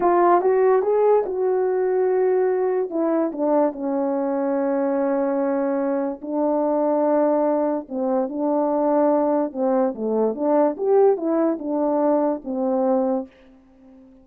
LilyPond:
\new Staff \with { instrumentName = "horn" } { \time 4/4 \tempo 4 = 145 f'4 fis'4 gis'4 fis'4~ | fis'2. e'4 | d'4 cis'2.~ | cis'2. d'4~ |
d'2. c'4 | d'2. c'4 | a4 d'4 g'4 e'4 | d'2 c'2 | }